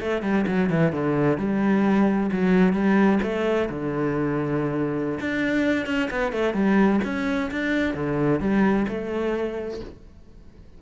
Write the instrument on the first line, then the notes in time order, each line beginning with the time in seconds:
cello
0.00 A3
0.22 G3
0.47 F#3
0.70 E3
0.92 D3
1.38 G3
2.32 F#3
2.73 G3
3.23 A3
3.69 D3
5.20 D4
5.86 C#4
6.11 B3
6.32 A3
6.54 G3
7.04 C#4
7.51 D4
7.94 D3
8.40 G3
8.88 A3